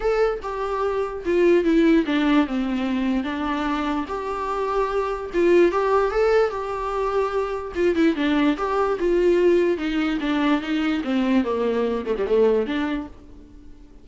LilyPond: \new Staff \with { instrumentName = "viola" } { \time 4/4 \tempo 4 = 147 a'4 g'2 f'4 | e'4 d'4 c'2 | d'2 g'2~ | g'4 f'4 g'4 a'4 |
g'2. f'8 e'8 | d'4 g'4 f'2 | dis'4 d'4 dis'4 c'4 | ais4. a16 g16 a4 d'4 | }